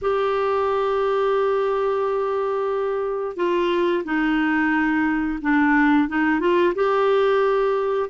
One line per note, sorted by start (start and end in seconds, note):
0.01 3.36 G4
3.36 4.03 F4
4.04 5.39 D#4
5.41 6.08 D4
6.08 6.40 D#4
6.40 6.73 F4
6.74 8.09 G4